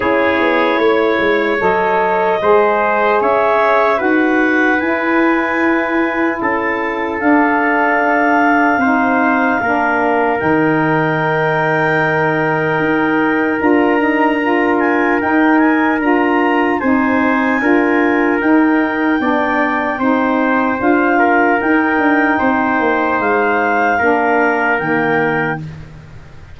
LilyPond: <<
  \new Staff \with { instrumentName = "clarinet" } { \time 4/4 \tempo 4 = 75 cis''2 dis''2 | e''4 fis''4 gis''2 | a''4 f''2.~ | f''4 g''2.~ |
g''4 ais''4. gis''8 g''8 gis''8 | ais''4 gis''2 g''4~ | g''2 f''4 g''4~ | g''4 f''2 g''4 | }
  \new Staff \with { instrumentName = "trumpet" } { \time 4/4 gis'4 cis''2 c''4 | cis''4 b'2. | a'2. c''4 | ais'1~ |
ais'1~ | ais'4 c''4 ais'2 | d''4 c''4. ais'4. | c''2 ais'2 | }
  \new Staff \with { instrumentName = "saxophone" } { \time 4/4 e'2 a'4 gis'4~ | gis'4 fis'4 e'2~ | e'4 d'2 dis'4 | d'4 dis'2.~ |
dis'4 f'8 dis'8 f'4 dis'4 | f'4 dis'4 f'4 dis'4 | d'4 dis'4 f'4 dis'4~ | dis'2 d'4 ais4 | }
  \new Staff \with { instrumentName = "tuba" } { \time 4/4 cis'8 b8 a8 gis8 fis4 gis4 | cis'4 dis'4 e'2 | cis'4 d'2 c'4 | ais4 dis2. |
dis'4 d'2 dis'4 | d'4 c'4 d'4 dis'4 | b4 c'4 d'4 dis'8 d'8 | c'8 ais8 gis4 ais4 dis4 | }
>>